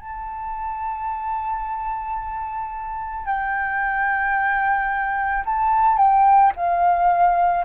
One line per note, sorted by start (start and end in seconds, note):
0.00 3.25 A5
3.25 5.43 G5
5.45 5.97 A5
5.97 6.52 G5
6.56 7.64 F5